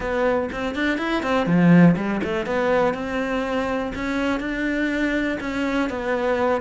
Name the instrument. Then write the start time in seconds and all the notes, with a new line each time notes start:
cello
0.00 B3
0.51 C4
0.75 D4
0.98 E4
1.22 C4
1.46 F3
1.96 G3
2.23 A3
2.46 B3
2.94 C4
3.95 C#4
4.39 D4
5.40 C#4
5.89 B3